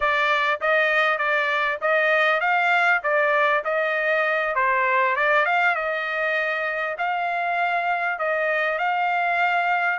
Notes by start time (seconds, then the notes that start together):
0.00 D5
0.61 D#5
1.17 D5
1.81 D#5
2.40 F5
3.03 D5
3.64 D#5
4.55 C5
5.16 D5
5.45 F5
5.75 D#5
6.98 F5
8.18 D#5
8.78 F5